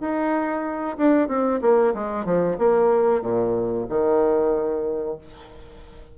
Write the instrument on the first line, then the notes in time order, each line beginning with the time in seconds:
bassoon
0.00 D#4
0.97 D4
1.28 C4
1.61 A#3
1.94 G#3
2.25 F3
2.58 A#3
3.22 A#2
3.89 D#3